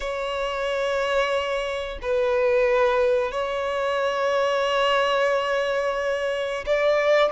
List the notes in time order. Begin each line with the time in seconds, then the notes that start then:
0.00 C#5
2.02 B4
3.31 C#5
6.66 D5